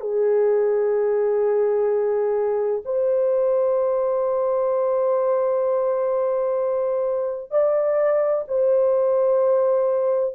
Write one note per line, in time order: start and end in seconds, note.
0.00 2.81 G#4
2.85 7.50 C5
7.50 8.44 D5
8.48 10.34 C5